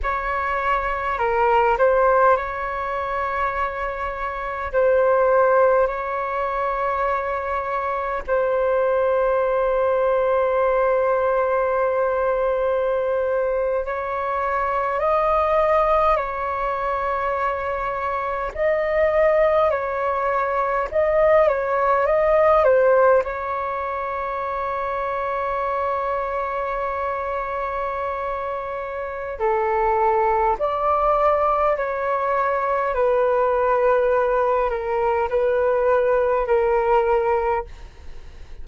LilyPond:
\new Staff \with { instrumentName = "flute" } { \time 4/4 \tempo 4 = 51 cis''4 ais'8 c''8 cis''2 | c''4 cis''2 c''4~ | c''2.~ c''8. cis''16~ | cis''8. dis''4 cis''2 dis''16~ |
dis''8. cis''4 dis''8 cis''8 dis''8 c''8 cis''16~ | cis''1~ | cis''4 a'4 d''4 cis''4 | b'4. ais'8 b'4 ais'4 | }